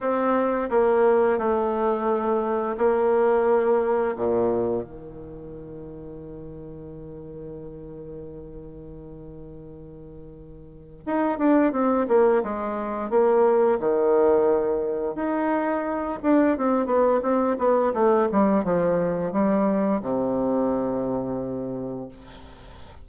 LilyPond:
\new Staff \with { instrumentName = "bassoon" } { \time 4/4 \tempo 4 = 87 c'4 ais4 a2 | ais2 ais,4 dis4~ | dis1~ | dis1 |
dis'8 d'8 c'8 ais8 gis4 ais4 | dis2 dis'4. d'8 | c'8 b8 c'8 b8 a8 g8 f4 | g4 c2. | }